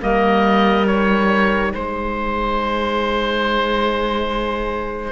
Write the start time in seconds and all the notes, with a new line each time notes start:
0.00 G3 A#3 A#4 D#5
0.86 D#4 C#5
1.71 G#3 G#4 C5